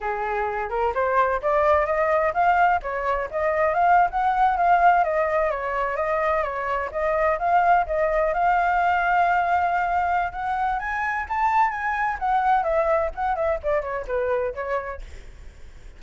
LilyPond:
\new Staff \with { instrumentName = "flute" } { \time 4/4 \tempo 4 = 128 gis'4. ais'8 c''4 d''4 | dis''4 f''4 cis''4 dis''4 | f''8. fis''4 f''4 dis''4 cis''16~ | cis''8. dis''4 cis''4 dis''4 f''16~ |
f''8. dis''4 f''2~ f''16~ | f''2 fis''4 gis''4 | a''4 gis''4 fis''4 e''4 | fis''8 e''8 d''8 cis''8 b'4 cis''4 | }